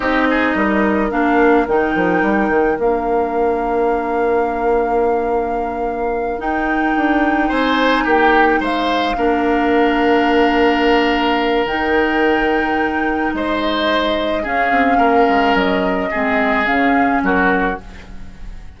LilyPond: <<
  \new Staff \with { instrumentName = "flute" } { \time 4/4 \tempo 4 = 108 dis''2 f''4 g''4~ | g''4 f''2.~ | f''2.~ f''8 g''8~ | g''4. gis''4 g''4 f''8~ |
f''1~ | f''4 g''2. | dis''2 f''2 | dis''2 f''4 ais'4 | }
  \new Staff \with { instrumentName = "oboe" } { \time 4/4 g'8 gis'8 ais'2.~ | ais'1~ | ais'1~ | ais'4. c''4 g'4 c''8~ |
c''8 ais'2.~ ais'8~ | ais'1 | c''2 gis'4 ais'4~ | ais'4 gis'2 fis'4 | }
  \new Staff \with { instrumentName = "clarinet" } { \time 4/4 dis'2 d'4 dis'4~ | dis'4 d'2.~ | d'2.~ d'8 dis'8~ | dis'1~ |
dis'8 d'2.~ d'8~ | d'4 dis'2.~ | dis'2 cis'2~ | cis'4 c'4 cis'2 | }
  \new Staff \with { instrumentName = "bassoon" } { \time 4/4 c'4 g4 ais4 dis8 f8 | g8 dis8 ais2.~ | ais2.~ ais8 dis'8~ | dis'8 d'4 c'4 ais4 gis8~ |
gis8 ais2.~ ais8~ | ais4 dis2. | gis2 cis'8 c'8 ais8 gis8 | fis4 gis4 cis4 fis4 | }
>>